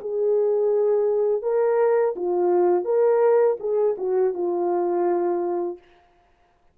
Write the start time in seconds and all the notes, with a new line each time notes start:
0.00 G#4
1.42 A#4
2.16 F4
2.84 A#4
3.59 G#4
3.98 F#4
4.33 F4